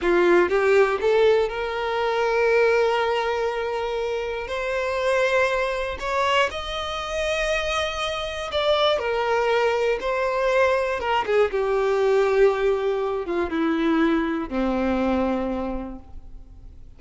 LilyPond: \new Staff \with { instrumentName = "violin" } { \time 4/4 \tempo 4 = 120 f'4 g'4 a'4 ais'4~ | ais'1~ | ais'4 c''2. | cis''4 dis''2.~ |
dis''4 d''4 ais'2 | c''2 ais'8 gis'8 g'4~ | g'2~ g'8 f'8 e'4~ | e'4 c'2. | }